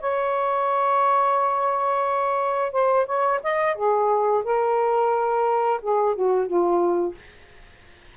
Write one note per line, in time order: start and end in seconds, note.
0.00 2.72 C#5
2.72 3.06 C5
3.06 3.40 C#5
3.43 3.75 D#5
3.75 4.43 G#4
4.44 5.80 A#4
5.82 6.15 G#4
6.15 6.47 F#4
6.47 7.15 F4